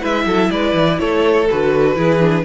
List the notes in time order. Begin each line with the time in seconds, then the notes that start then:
0.00 G#3 E4 B4 E5
0.25 F#3 A4
0.50 G#3 B4 D5
0.74 E3
0.99 A3 A4 C#5
1.50 D3 F#4 B4
1.96 E3 E4 G#4
2.20 D4